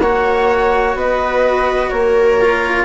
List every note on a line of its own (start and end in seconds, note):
0.00 0.95 A#3
0.00 2.41 F#4
0.00 0.97 C#5
0.00 0.95 F#5
0.95 1.90 B3
0.95 1.91 B4
0.95 1.89 D#5
1.89 2.85 A#3
1.89 2.85 A#4
1.89 2.85 C#5
2.41 2.85 F4